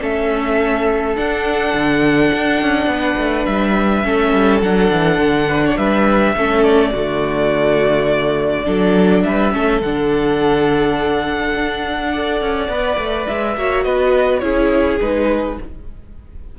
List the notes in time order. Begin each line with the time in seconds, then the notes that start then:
0.00 A3 C#4 A4 E5
1.15 D4 F#5
1.73 D3
2.33 D4
2.62 C#4
2.86 B3 B4
3.17 A3
3.46 G3 E5
4.04 A3 C#4 A4
4.33 G3
4.62 F#3 D4 F#5
4.91 E3
5.17 D3
5.49 B4
5.65 C#5
5.77 G3 B4 E5
6.36 A3 C#4 A4
6.63 D5
6.92 D3 A3 F#4
8.65 F#3 D4 A4
9.23 G3 B4 E5
9.52 A3 C#4 A4
9.81 D3 D4 F#5
11.54 D4
12.12 A4 D5
12.41 C#4
12.68 B3 B4
12.98 A3
13.27 G#3 E5
13.56 A#3 F#4 C#5
13.84 B3 B4 D#5
14.39 C#4 E4 G#4 C#5
15.00 G#3 D#4 B4